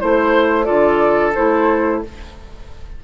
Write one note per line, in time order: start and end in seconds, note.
0.00 0.69 A3
0.00 0.64 E4
0.00 0.65 C5
0.64 1.36 D3
0.64 1.32 F4
0.64 2.00 A4
0.64 1.32 D5
1.35 2.04 A3
1.35 2.03 E4
1.35 2.02 C5